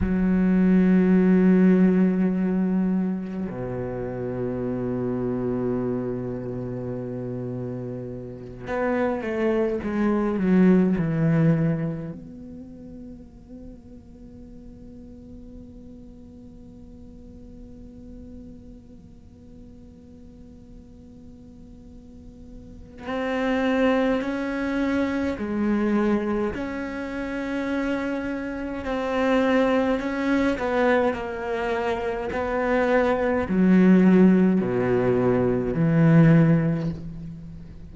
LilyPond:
\new Staff \with { instrumentName = "cello" } { \time 4/4 \tempo 4 = 52 fis2. b,4~ | b,2.~ b,8 b8 | a8 gis8 fis8 e4 b4.~ | b1~ |
b1 | c'4 cis'4 gis4 cis'4~ | cis'4 c'4 cis'8 b8 ais4 | b4 fis4 b,4 e4 | }